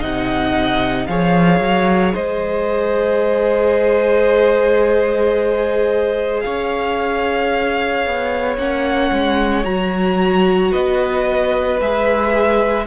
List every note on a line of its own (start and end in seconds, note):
0.00 1.08 C3
0.00 1.08 D#4
0.00 1.07 D#5
0.00 1.07 F#5
1.07 1.60 F3
1.07 8.58 G#4
1.07 2.15 C#5
1.07 2.15 F5
1.60 2.14 F#3
2.15 6.45 G#3
2.15 6.44 C5
2.15 6.41 D#5
6.41 8.07 C#4
6.41 10.72 C#5
6.41 8.55 F5
8.07 8.58 B3
8.58 9.12 A#3
8.58 9.64 C#4
8.58 9.65 F#5
9.12 9.65 G#3
9.64 10.73 F#3
9.64 11.79 F#4
9.64 10.72 A#5
10.72 11.81 B3
10.72 12.86 B4
10.72 11.80 D#5
11.81 12.87 G#3
11.81 12.87 G#4
11.81 12.87 E5